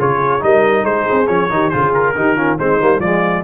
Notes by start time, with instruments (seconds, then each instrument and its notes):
0.00 tuba C#3, trombone F4, horn G#4, trumpet C#5
0.41 tuba G3, trombone D#4, horn A#4, trumpet D#5
0.84 tuba G#3, horn G#4, trumpet C5
1.11 tuba C4
1.28 tuba F3, trombone C#4, trumpet C#5
1.50 tuba D#3, trombone D#4, horn G4
1.70 tuba C#3, trombone F4, horn G#4, trumpet C5
1.95 trumpet A#4
2.16 tuba D#3, trombone D#4, horn G4
2.36 trombone C#4, horn F4
2.58 tuba G#3, trombone C4, horn D#4, trumpet C5
2.81 tuba G3, trombone A#3
3.00 tuba F3, trombone G#3, horn F4, trumpet D5